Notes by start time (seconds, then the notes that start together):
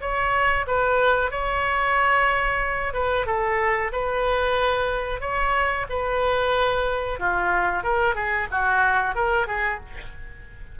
0.00 C#5
0.67 B4
1.30 C#5
2.93 B4
3.26 A4
3.92 B4
5.20 C#5
5.89 B4
7.19 F4
7.83 A#4
8.15 G#4
8.51 F#4
9.15 A#4
9.47 G#4